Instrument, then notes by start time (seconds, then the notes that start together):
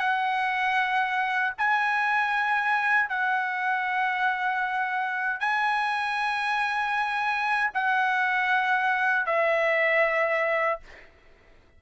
trumpet
0.00 F#5
1.58 G#5
3.10 F#5
5.40 G#5
7.75 F#5
9.27 E5